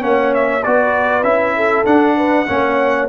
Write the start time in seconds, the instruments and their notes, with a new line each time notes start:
0.00 tuba A#3, trombone C#4, horn C#5, trumpet F#5
0.35 trumpet E5
0.64 tuba B3, trombone F#4, horn B4, trumpet D5
1.24 tuba C#4, trombone E4, trumpet E5
1.57 horn A4
1.86 trombone D4, tuba D4, trumpet F#5
2.17 horn B4
2.48 tuba A#3, trombone C#4, horn C#5